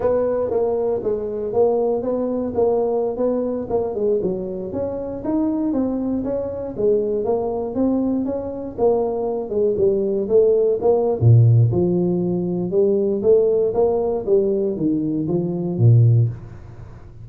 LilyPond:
\new Staff \with { instrumentName = "tuba" } { \time 4/4 \tempo 4 = 118 b4 ais4 gis4 ais4 | b4 ais4~ ais16 b4 ais8 gis16~ | gis16 fis4 cis'4 dis'4 c'8.~ | c'16 cis'4 gis4 ais4 c'8.~ |
c'16 cis'4 ais4. gis8 g8.~ | g16 a4 ais8. ais,4 f4~ | f4 g4 a4 ais4 | g4 dis4 f4 ais,4 | }